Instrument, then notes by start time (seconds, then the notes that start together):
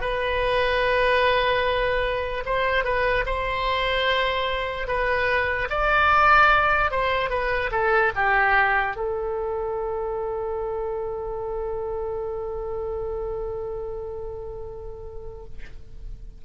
oboe
0.00 B4
2.45 C5
2.84 B4
3.25 C5
4.87 B4
5.69 D5
6.90 C5
7.29 B4
7.71 A4
8.15 G4
8.96 A4